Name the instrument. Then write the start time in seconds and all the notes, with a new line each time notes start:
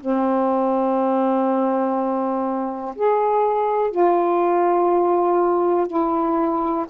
saxophone
0.00 C4
2.96 G#4
3.90 F4
5.87 E4